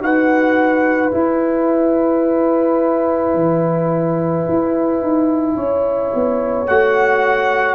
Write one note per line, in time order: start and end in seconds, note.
0.00 1.11 D#4
0.00 1.11 F#4
0.00 5.56 B4
0.00 1.12 F#5
1.11 6.67 E4
1.11 3.34 E4
1.11 6.67 G#5
3.34 4.45 E3
4.48 5.00 E4
5.00 5.56 D#4
5.56 6.12 C#4
5.56 7.75 C#5
6.15 6.68 B3
6.67 7.75 A3
6.67 7.75 F#4
6.67 7.75 F#5